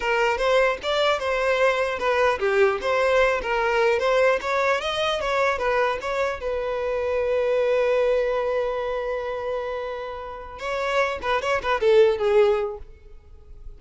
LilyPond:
\new Staff \with { instrumentName = "violin" } { \time 4/4 \tempo 4 = 150 ais'4 c''4 d''4 c''4~ | c''4 b'4 g'4 c''4~ | c''8 ais'4. c''4 cis''4 | dis''4 cis''4 b'4 cis''4 |
b'1~ | b'1~ | b'2~ b'8 cis''4. | b'8 cis''8 b'8 a'4 gis'4. | }